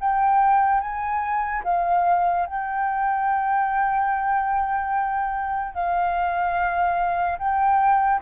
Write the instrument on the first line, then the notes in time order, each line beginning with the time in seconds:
flute
0.00 G5
0.80 G#5
1.64 F5
2.46 G5
5.74 F5
7.39 G5